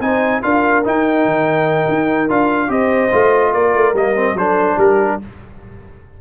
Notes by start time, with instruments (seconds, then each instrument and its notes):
0.00 tuba C4, trombone D#4, horn C5, trumpet G#5
0.42 tuba D4, trombone F4, horn A#4, trumpet F5
0.84 trombone D#4, tuba D#4, trumpet G5
1.25 tuba D#3
1.88 tuba D#4
2.29 tuba D4, trombone F4, trumpet F5
2.68 tuba C4, trombone G4, horn C5, trumpet D#5
3.12 tuba A3, trombone F4
3.52 tuba A#3, horn A#4, trumpet D5
3.74 tuba A3
3.94 tuba G3, trombone A#3, trumpet D#5
4.15 trombone C4
4.34 tuba F#3, trombone D4, horn A4, trumpet C5
4.77 tuba G3, horn G4, trumpet A#4